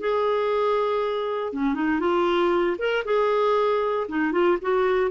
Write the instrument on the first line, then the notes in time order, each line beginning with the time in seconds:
clarinet
0.00 G#4
1.53 C#4
1.74 D#4
2.00 F4
2.78 A#4
3.05 G#4
4.08 D#4
4.32 F4
4.62 F#4